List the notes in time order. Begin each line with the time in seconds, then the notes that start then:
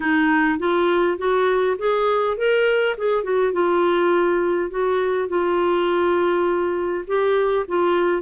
0.00 D#4
0.59 F4
1.18 F#4
1.78 G#4
2.37 A#4
2.97 G#4
3.23 F#4
3.52 F4
4.70 F#4
5.28 F4
7.07 G4
7.68 F4